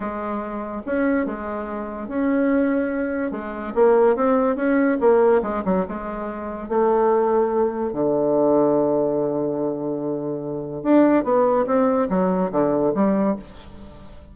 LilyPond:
\new Staff \with { instrumentName = "bassoon" } { \time 4/4 \tempo 4 = 144 gis2 cis'4 gis4~ | gis4 cis'2. | gis4 ais4 c'4 cis'4 | ais4 gis8 fis8 gis2 |
a2. d4~ | d1~ | d2 d'4 b4 | c'4 fis4 d4 g4 | }